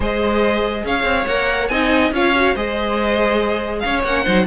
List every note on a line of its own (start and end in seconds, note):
0.00 0.83 G#3
0.00 1.28 G#4
0.00 0.84 C5
0.00 0.85 D#5
0.84 1.03 C#4
0.84 1.70 C#5
0.84 1.26 F5
1.03 1.25 C4
1.26 1.69 A#3
1.26 1.71 A#4
1.26 1.68 F#5
1.68 2.11 C4
1.68 2.13 D#4
1.68 2.13 D#5
1.68 2.10 G#5
2.11 2.54 C#4
2.11 2.35 F4
2.11 2.54 C#5
2.11 2.56 F5
2.35 2.55 F#4
2.54 3.83 G#3
2.54 4.04 G#4
2.54 3.82 C5
2.54 3.80 D#5
3.80 4.04 C#4
3.80 4.24 C#5
3.80 4.01 F5
4.04 4.25 A#3
4.04 4.25 C#4
4.04 4.47 F#5
4.24 4.47 F#3
4.24 4.46 D#4
4.24 4.45 C5